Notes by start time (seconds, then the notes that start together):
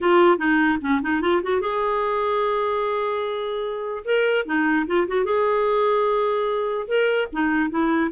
0.00 F4
0.38 D#4
0.81 C#4
1.02 D#4
1.21 F4
1.42 F#4
1.60 G#4
4.04 A#4
4.45 D#4
4.86 F4
5.07 F#4
5.24 G#4
6.87 A#4
7.32 D#4
7.70 E4